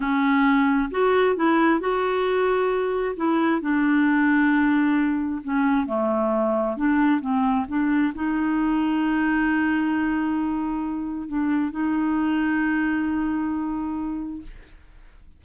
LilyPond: \new Staff \with { instrumentName = "clarinet" } { \time 4/4 \tempo 4 = 133 cis'2 fis'4 e'4 | fis'2. e'4 | d'1 | cis'4 a2 d'4 |
c'4 d'4 dis'2~ | dis'1~ | dis'4 d'4 dis'2~ | dis'1 | }